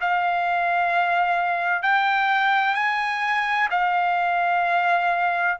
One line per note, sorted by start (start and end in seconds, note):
0.00 1.82 F5
1.82 2.74 G5
2.74 3.68 G#5
3.70 5.58 F5